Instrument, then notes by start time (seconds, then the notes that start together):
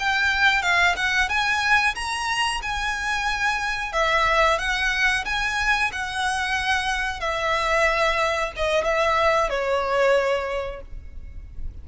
violin
0.00 G5
0.63 F5
0.97 F#5
1.29 G#5
1.96 A#5
2.63 G#5
3.93 E5
4.59 F#5
5.26 G#5
5.93 F#5
7.21 E5
8.57 D#5
8.85 E5
9.50 C#5